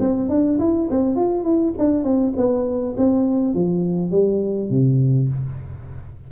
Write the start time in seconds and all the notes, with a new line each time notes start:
0.00 C4
0.29 D4
0.59 E4
0.90 C4
1.16 F4
1.44 E4
1.78 D4
2.04 C4
2.36 B3
2.97 C4
3.54 F3
4.11 G3
4.70 C3